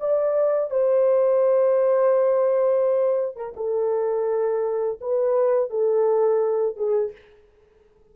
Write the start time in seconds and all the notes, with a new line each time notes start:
0.00 D5
0.70 C5
3.36 A#4
3.56 A4
5.01 B4
5.70 A4
6.76 G#4